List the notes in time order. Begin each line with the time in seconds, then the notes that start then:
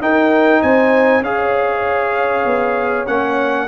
0.00 D#4 A#4 G5
0.61 C4 C5 G#5
1.21 C#4 G#4 C#5 F5
2.45 B3
3.07 A#3 C#4 F#5